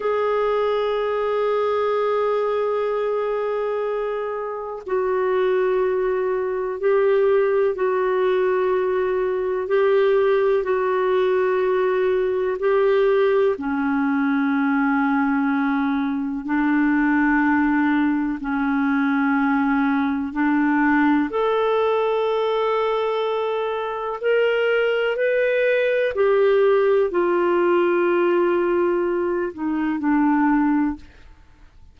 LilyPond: \new Staff \with { instrumentName = "clarinet" } { \time 4/4 \tempo 4 = 62 gis'1~ | gis'4 fis'2 g'4 | fis'2 g'4 fis'4~ | fis'4 g'4 cis'2~ |
cis'4 d'2 cis'4~ | cis'4 d'4 a'2~ | a'4 ais'4 b'4 g'4 | f'2~ f'8 dis'8 d'4 | }